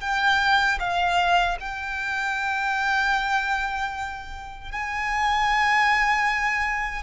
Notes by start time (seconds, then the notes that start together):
0.00 G5
0.79 F5
1.60 G5
4.71 G#5